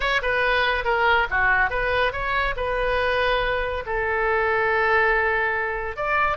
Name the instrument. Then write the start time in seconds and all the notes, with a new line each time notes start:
oboe
0.00 C#5
0.22 B4
0.84 A#4
1.30 F#4
1.70 B4
2.12 C#5
2.56 B4
3.85 A4
5.96 D5